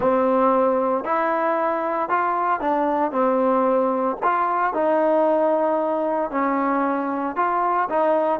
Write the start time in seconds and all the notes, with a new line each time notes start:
0.00 C4
1.04 E4
2.09 F4
2.60 D4
3.11 C4
4.22 F4
4.73 D#4
6.31 C#4
7.36 F4
7.89 D#4